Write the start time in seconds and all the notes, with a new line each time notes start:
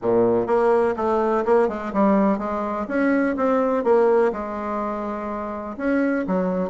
0.02 A#2
0.46 A#3
0.96 A3
1.45 A#3
1.68 G#3
1.93 G3
2.38 G#3
2.88 C#4
3.36 C4
3.84 A#3
4.32 G#3
5.77 C#4
6.27 F#3